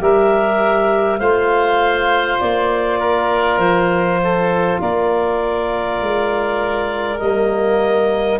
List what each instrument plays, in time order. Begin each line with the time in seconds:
0.00 tuba G3, trombone G4, oboe A#4, clarinet E5
1.18 tuba A3, trombone F4, oboe C5, clarinet F5
2.39 tuba A#3, clarinet D5
2.99 oboe A#4
3.57 tuba F3, clarinet C5
4.23 oboe A4
4.80 tuba A#3, oboe A#4, clarinet D5
6.00 tuba G#3
7.19 tuba G3, trombone A#3, clarinet D#5